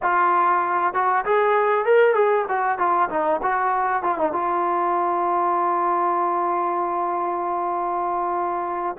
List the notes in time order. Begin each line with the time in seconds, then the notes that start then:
0.02 F4
0.93 F#4
1.25 G#4
1.85 A#4
2.14 G#4
2.48 F#4
2.78 F4
3.09 D#4
3.42 F#4
4.02 F4
4.18 D#4
4.32 F4